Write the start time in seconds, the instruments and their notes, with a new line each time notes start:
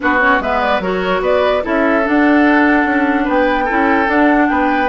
0.00 bassoon B3, clarinet D4, oboe F#4, flute B4
0.19 clarinet C#4, flute C#5
0.39 bassoon G#3, clarinet B3, oboe B4, flute E5
0.61 flute D5
0.79 bassoon F#3, clarinet F#4, oboe A#4, flute C#5
1.21 bassoon B3, oboe B4, flute D5
1.62 bassoon C#4, clarinet E4, oboe A4, flute E5
2.03 clarinet D4, bassoon D4, flute F#5
2.85 bassoon C#4
3.24 bassoon B3, oboe B4, flute G5
3.64 clarinet E4, oboe A4
3.70 bassoon C#4
4.06 clarinet D4, bassoon D4, flute F#5
4.48 bassoon B3, oboe B4, flute G5